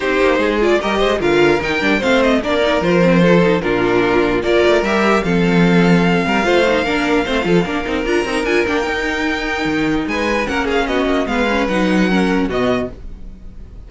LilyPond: <<
  \new Staff \with { instrumentName = "violin" } { \time 4/4 \tempo 4 = 149 c''4. d''8 dis''4 f''4 | g''4 f''8 dis''8 d''4 c''4~ | c''4 ais'2 d''4 | e''4 f''2.~ |
f''1 | ais''4 gis''8 g''2~ g''8~ | g''4 gis''4 fis''8 f''8 dis''4 | f''4 fis''2 dis''4 | }
  \new Staff \with { instrumentName = "violin" } { \time 4/4 g'4 gis'4 ais'8 c''8 ais'4~ | ais'4 c''4 ais'2 | a'4 f'2 ais'4~ | ais'4 a'2~ a'8 ais'8 |
c''4 ais'4 c''8 a'8 ais'4~ | ais'1~ | ais'4 b'4 ais'8 gis'8 fis'4 | b'2 ais'4 fis'4 | }
  \new Staff \with { instrumentName = "viola" } { \time 4/4 dis'4. f'8 g'4 f'4 | dis'8 d'8 c'4 d'8 dis'8 f'8 c'8 | f'8 dis'8 d'2 f'4 | g'4 c'2. |
f'8 dis'8 d'4 c'8 f'8 d'8 dis'8 | f'8 dis'8 f'8 d'8 dis'2~ | dis'2 cis'2 | b8 cis'8 dis'4 cis'4 b4 | }
  \new Staff \with { instrumentName = "cello" } { \time 4/4 c'8 ais8 gis4 g8 gis8 d4 | dis8 g8 a4 ais4 f4~ | f4 ais,2 ais8 a8 | g4 f2~ f8 g8 |
a4 ais4 a8 f8 ais8 c'8 | d'8 c'8 d'8 ais8 dis'2 | dis4 gis4 ais4 b8 ais8 | gis4 fis2 b,4 | }
>>